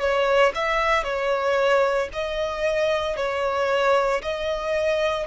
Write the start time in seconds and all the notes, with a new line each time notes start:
0.00 C#5
0.55 E5
1.04 C#5
2.13 D#5
3.17 C#5
4.22 D#5